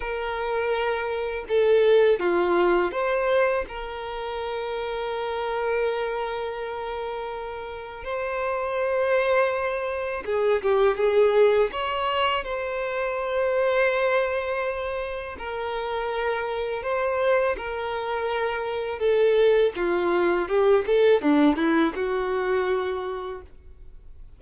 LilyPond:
\new Staff \with { instrumentName = "violin" } { \time 4/4 \tempo 4 = 82 ais'2 a'4 f'4 | c''4 ais'2.~ | ais'2. c''4~ | c''2 gis'8 g'8 gis'4 |
cis''4 c''2.~ | c''4 ais'2 c''4 | ais'2 a'4 f'4 | g'8 a'8 d'8 e'8 fis'2 | }